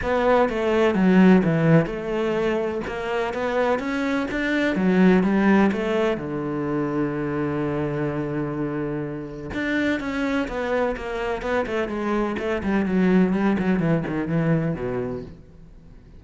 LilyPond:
\new Staff \with { instrumentName = "cello" } { \time 4/4 \tempo 4 = 126 b4 a4 fis4 e4 | a2 ais4 b4 | cis'4 d'4 fis4 g4 | a4 d2.~ |
d1 | d'4 cis'4 b4 ais4 | b8 a8 gis4 a8 g8 fis4 | g8 fis8 e8 dis8 e4 b,4 | }